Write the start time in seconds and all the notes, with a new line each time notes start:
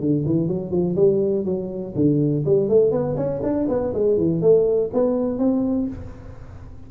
0.00 D3
0.25 E3
0.48 F#3
0.71 F3
0.96 G3
1.45 F#3
1.95 D3
2.45 G3
2.69 A3
2.91 B3
3.16 C#4
3.43 D4
3.68 B3
3.94 G#3
4.17 E3
4.41 A3
4.93 B3
5.39 C4